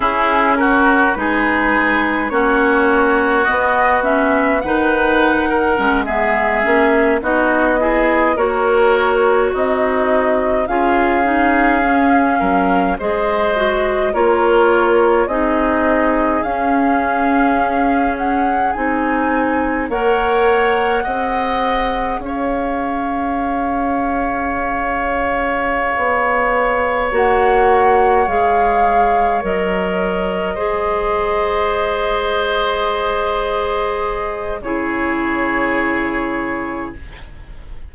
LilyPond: <<
  \new Staff \with { instrumentName = "flute" } { \time 4/4 \tempo 4 = 52 gis'8 ais'8 b'4 cis''4 dis''8 e''8 | fis''4~ fis''16 e''4 dis''4 cis''8.~ | cis''16 dis''4 f''2 dis''8.~ | dis''16 cis''4 dis''4 f''4. fis''16~ |
fis''16 gis''4 fis''2 f''8.~ | f''2.~ f''8 fis''8~ | fis''8 f''4 dis''2~ dis''8~ | dis''2 cis''2 | }
  \new Staff \with { instrumentName = "oboe" } { \time 4/4 e'8 fis'8 gis'4 fis'2 | b'8. ais'8 gis'4 fis'8 gis'8 ais'8.~ | ais'16 dis'4 gis'4. ais'8 c''8.~ | c''16 ais'4 gis'2~ gis'8.~ |
gis'4~ gis'16 cis''4 dis''4 cis''8.~ | cis''1~ | cis''2~ cis''8 c''4.~ | c''2 gis'2 | }
  \new Staff \with { instrumentName = "clarinet" } { \time 4/4 cis'4 dis'4 cis'4 b8 cis'8 | dis'4 cis'16 b8 cis'8 dis'8 e'8 fis'8.~ | fis'4~ fis'16 f'8 dis'8 cis'4 gis'8 fis'16~ | fis'16 f'4 dis'4 cis'4.~ cis'16~ |
cis'16 dis'4 ais'4 gis'4.~ gis'16~ | gis'2.~ gis'8 fis'8~ | fis'8 gis'4 ais'4 gis'4.~ | gis'2 e'2 | }
  \new Staff \with { instrumentName = "bassoon" } { \time 4/4 cis'4 gis4 ais4 b4 | dis4 gis8. ais8 b4 ais8.~ | ais16 c'4 cis'4. fis8 gis8.~ | gis16 ais4 c'4 cis'4.~ cis'16~ |
cis'16 c'4 ais4 c'4 cis'8.~ | cis'2~ cis'8 b4 ais8~ | ais8 gis4 fis4 gis4.~ | gis2 cis2 | }
>>